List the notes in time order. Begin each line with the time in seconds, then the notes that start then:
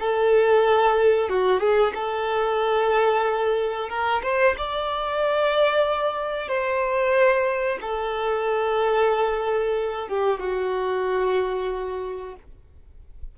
0.00 A4
1.30 F#4
1.60 G#4
1.94 A4
3.90 A#4
4.23 C5
4.58 D5
6.48 C5
7.81 A4
10.09 G4
10.40 F#4